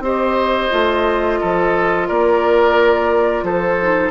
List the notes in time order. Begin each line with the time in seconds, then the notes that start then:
0.00 C4 G4 C5 D#5
0.71 A3 F4
1.40 F3 A4
2.08 A#3 A#4 D5
3.43 F3 A4 C5
3.82 D#4